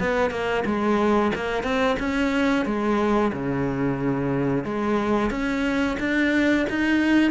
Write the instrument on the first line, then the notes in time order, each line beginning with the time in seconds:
cello
0.00 B3
0.30 A#3
0.65 G#3
1.35 A#3
1.63 C4
1.99 C#4
2.65 G#3
3.33 C#3
4.64 G#3
5.30 C#4
6.00 D4
6.70 D#4